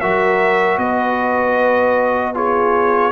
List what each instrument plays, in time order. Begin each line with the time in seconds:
0.00 tuba F#3, trombone F#4, horn A#4, trumpet E5
0.77 tuba B3, horn B4, trumpet D#5
2.34 trombone F4, horn G#4, trumpet C#5